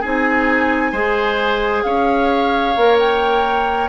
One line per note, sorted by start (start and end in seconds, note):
0.00 0.92 C4
0.00 0.93 D#4
0.00 0.91 G#4
0.00 1.83 G#5
0.91 1.83 G#3
0.91 2.75 G#4
0.91 1.82 C5
1.83 2.75 C#4
1.83 3.88 C#5
1.83 2.96 F5
2.76 3.88 A#3
2.76 3.88 A#4
2.98 3.88 G5